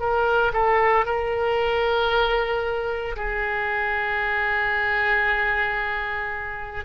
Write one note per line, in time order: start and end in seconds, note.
0.00 0.53 A#4
0.54 1.06 A4
1.06 3.16 A#4
3.17 6.85 G#4